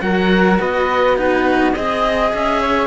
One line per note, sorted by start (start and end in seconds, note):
0.00 0.59 F#3
0.00 1.16 F#4
0.00 0.59 A#4
0.00 0.57 F#5
0.59 1.75 B3
0.59 1.16 B4
0.59 1.17 D#5
1.16 1.73 D#4
1.16 1.74 F#4
1.16 1.72 B4
1.72 2.32 C4
1.72 2.87 G#4
1.72 2.29 D#5
1.72 2.60 D#5
2.33 2.87 C#4
2.33 2.87 E5
2.60 2.87 C#5